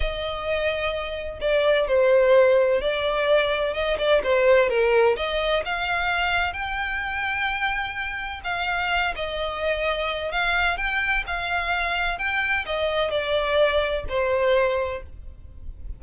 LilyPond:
\new Staff \with { instrumentName = "violin" } { \time 4/4 \tempo 4 = 128 dis''2. d''4 | c''2 d''2 | dis''8 d''8 c''4 ais'4 dis''4 | f''2 g''2~ |
g''2 f''4. dis''8~ | dis''2 f''4 g''4 | f''2 g''4 dis''4 | d''2 c''2 | }